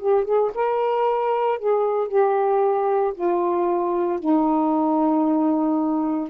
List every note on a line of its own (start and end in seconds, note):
0.00 0.25 G4
0.25 0.51 G#4
0.55 1.59 A#4
1.59 2.08 G#4
2.08 3.13 G4
3.15 4.20 F4
4.20 6.30 D#4